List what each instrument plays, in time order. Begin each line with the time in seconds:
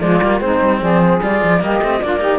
0.00 cello F3 G#3, saxophone F4, flute D5
0.20 cello G3 A#3
0.40 cello G#3 C4, saxophone D#4, flute C5
0.61 cello G3
0.80 cello F3, saxophone G#4, flute D5
1.00 flute C5
1.21 cello G3 F4, flute D5
1.43 cello F3
1.60 cello G3 A#3, saxophone G4, flute D#5
1.80 cello A3 C4
2.02 cello A#3 D4, saxophone F4, flute D5
2.20 cello D#4, saxophone G4